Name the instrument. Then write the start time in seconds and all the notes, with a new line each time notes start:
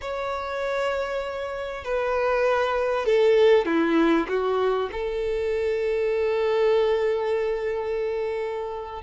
violin
0.01 C#5
1.84 B4
3.05 A4
3.65 E4
4.28 F#4
4.91 A4